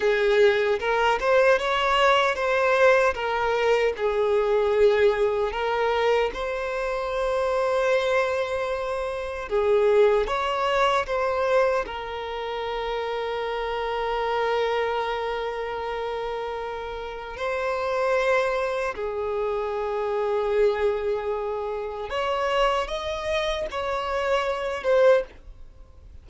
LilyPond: \new Staff \with { instrumentName = "violin" } { \time 4/4 \tempo 4 = 76 gis'4 ais'8 c''8 cis''4 c''4 | ais'4 gis'2 ais'4 | c''1 | gis'4 cis''4 c''4 ais'4~ |
ais'1~ | ais'2 c''2 | gis'1 | cis''4 dis''4 cis''4. c''8 | }